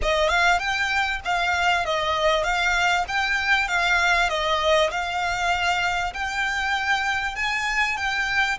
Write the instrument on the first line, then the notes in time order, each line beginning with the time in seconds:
violin
0.02 D#5
0.29 F5
0.59 G5
1.24 F5
1.85 D#5
2.43 F5
3.08 G5
3.68 F5
4.29 D#5
4.90 F5
6.13 G5
7.35 G#5
7.96 G5